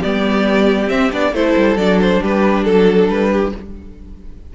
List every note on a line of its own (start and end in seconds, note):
0.00 0.90 G3
0.00 0.87 B3
0.00 1.32 G4
0.00 0.90 D5
0.87 1.09 C4
0.87 1.12 C4
0.87 1.12 E5
1.12 1.33 B3
1.12 1.34 D4
1.12 1.35 D5
1.33 1.55 A3
1.33 1.79 E4
1.33 2.22 A4
1.33 1.77 C5
1.57 1.76 G3
1.76 2.20 F#3
1.76 3.56 D4
1.76 1.99 D5
2.01 2.23 C5
2.22 2.66 G3
2.22 2.66 G4
2.22 2.64 B4
2.64 3.08 F#3
2.64 3.08 A4
2.64 3.32 A4
3.08 3.52 G3
3.08 3.54 B4
3.32 3.54 G4